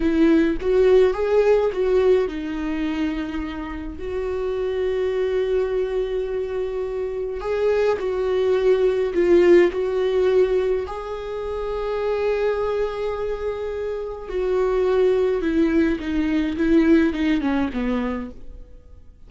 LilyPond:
\new Staff \with { instrumentName = "viola" } { \time 4/4 \tempo 4 = 105 e'4 fis'4 gis'4 fis'4 | dis'2. fis'4~ | fis'1~ | fis'4 gis'4 fis'2 |
f'4 fis'2 gis'4~ | gis'1~ | gis'4 fis'2 e'4 | dis'4 e'4 dis'8 cis'8 b4 | }